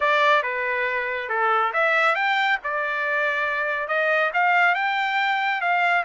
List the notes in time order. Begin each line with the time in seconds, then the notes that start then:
0.00 D5
0.42 B4
1.29 A4
1.73 E5
2.15 G5
2.63 D5
3.88 D#5
4.33 F5
4.74 G5
5.61 F5